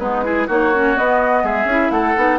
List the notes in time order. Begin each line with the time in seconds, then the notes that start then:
0.00 G#3 B3 D#4 B4
0.24 E4 G#4
0.48 A#3 D#4 F#4 C#5
0.74 C#4
0.96 B3 D#5
1.44 G#3 G#4 E5
1.65 C#4 E4
1.91 A3 A4 F#5
2.16 B3 D#4